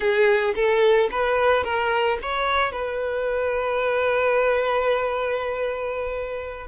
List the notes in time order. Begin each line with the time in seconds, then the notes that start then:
0.00 G#4
0.55 A4
1.11 B4
1.64 A#4
2.22 C#5
2.71 B4